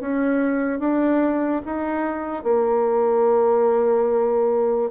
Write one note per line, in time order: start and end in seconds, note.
0.00 0.79 C#4
0.79 1.61 D4
1.65 2.43 D#4
2.43 4.90 A#3